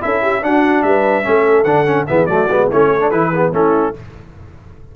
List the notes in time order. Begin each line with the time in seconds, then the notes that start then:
0.00 C#4 E4 A4 E5
0.21 G4
0.42 D4 F#4 F#5
0.82 G3 B4 E5
1.23 A3 C#4 A4
1.64 D3 D4 F#5
1.85 C#4
2.07 E3 B3 G#4 E5
2.26 F#3 A3 F#4 D5
2.49 G#3 B3
2.69 A3 C#4 E4 C#5
2.89 A4
3.00 D4
3.10 E3 E4 B4
3.32 B3 G#4
3.52 A3 C#4 E4 A4